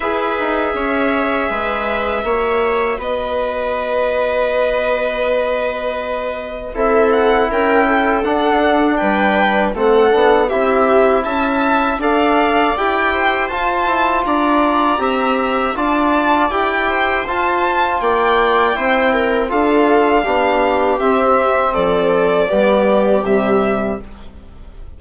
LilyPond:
<<
  \new Staff \with { instrumentName = "violin" } { \time 4/4 \tempo 4 = 80 e''1 | dis''1~ | dis''4 e''8 fis''8 g''4 fis''4 | g''4 fis''4 e''4 a''4 |
f''4 g''4 a''4 ais''4~ | ais''4 a''4 g''4 a''4 | g''2 f''2 | e''4 d''2 e''4 | }
  \new Staff \with { instrumentName = "viola" } { \time 4/4 b'4 cis''4 b'4 cis''4 | b'1~ | b'4 a'4 ais'8 a'4. | b'4 a'4 g'4 e''4 |
d''4. c''4. d''4 | e''4 d''4. c''4. | d''4 c''8 ais'8 a'4 g'4~ | g'4 a'4 g'2 | }
  \new Staff \with { instrumentName = "trombone" } { \time 4/4 gis'2. fis'4~ | fis'1~ | fis'4 e'2 d'4~ | d'4 c'8 d'8 e'2 |
a'4 g'4 f'2 | g'4 f'4 g'4 f'4~ | f'4 e'4 f'4 d'4 | c'2 b4 g4 | }
  \new Staff \with { instrumentName = "bassoon" } { \time 4/4 e'8 dis'8 cis'4 gis4 ais4 | b1~ | b4 c'4 cis'4 d'4 | g4 a8 b8 c'4 cis'4 |
d'4 e'4 f'8 e'8 d'4 | c'4 d'4 e'4 f'4 | ais4 c'4 d'4 b4 | c'4 f4 g4 c4 | }
>>